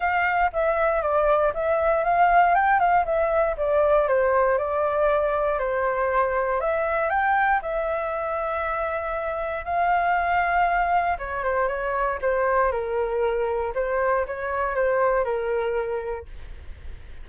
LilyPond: \new Staff \with { instrumentName = "flute" } { \time 4/4 \tempo 4 = 118 f''4 e''4 d''4 e''4 | f''4 g''8 f''8 e''4 d''4 | c''4 d''2 c''4~ | c''4 e''4 g''4 e''4~ |
e''2. f''4~ | f''2 cis''8 c''8 cis''4 | c''4 ais'2 c''4 | cis''4 c''4 ais'2 | }